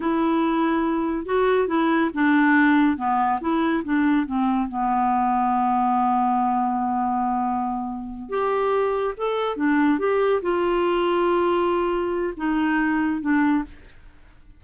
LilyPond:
\new Staff \with { instrumentName = "clarinet" } { \time 4/4 \tempo 4 = 141 e'2. fis'4 | e'4 d'2 b4 | e'4 d'4 c'4 b4~ | b1~ |
b2.~ b8 g'8~ | g'4. a'4 d'4 g'8~ | g'8 f'2.~ f'8~ | f'4 dis'2 d'4 | }